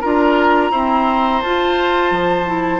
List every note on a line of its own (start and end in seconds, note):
0.00 0.71 D4
0.00 0.72 F4
0.00 0.71 A#4
0.00 1.41 A#5
0.71 1.43 C4
0.71 1.41 E4
0.71 2.79 C5
1.41 2.11 F4
1.41 2.46 F4
1.41 2.79 A5
2.11 2.79 F3
2.46 2.79 E4